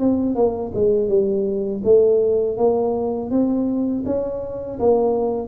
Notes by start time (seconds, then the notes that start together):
0.00 C4
0.36 A#3
0.75 G#3
1.09 G3
1.84 A3
2.57 A#3
3.31 C4
4.06 C#4
4.80 A#3